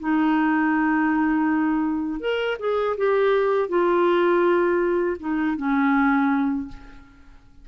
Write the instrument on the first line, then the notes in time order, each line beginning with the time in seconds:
clarinet
0.00 D#4
2.21 A#4
2.60 G#4
2.97 G4
3.69 F4
5.20 D#4
5.57 C#4